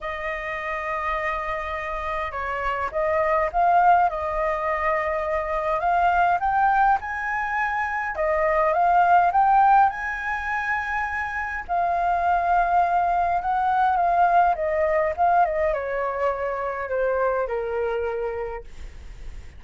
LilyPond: \new Staff \with { instrumentName = "flute" } { \time 4/4 \tempo 4 = 103 dis''1 | cis''4 dis''4 f''4 dis''4~ | dis''2 f''4 g''4 | gis''2 dis''4 f''4 |
g''4 gis''2. | f''2. fis''4 | f''4 dis''4 f''8 dis''8 cis''4~ | cis''4 c''4 ais'2 | }